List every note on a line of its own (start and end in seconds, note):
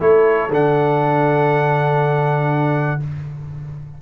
0.00 0.50 A3
0.00 0.50 E4
0.00 3.00 A4
0.00 0.51 C#5
0.50 2.98 D3
0.50 3.00 D4
0.50 3.02 F#5